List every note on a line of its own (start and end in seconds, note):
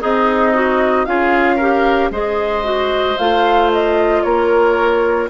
0.00 1.06 C4
0.00 1.05 D#4
0.00 0.53 G#4
0.00 1.05 D#5
0.53 1.06 F#4
1.05 2.10 C#4
1.05 1.59 F4
1.05 1.56 G#4
1.05 2.10 F5
1.56 2.12 G4
1.56 2.08 A#4
2.10 3.16 G#3
2.10 2.63 G#4
2.10 4.22 C5
2.10 3.17 D#5
2.63 3.16 F#4
3.17 4.24 A3
3.17 5.29 F4
3.17 3.70 F5
3.72 4.22 D#5
4.22 5.29 A#3
4.22 5.29 A#4
4.22 5.28 C#5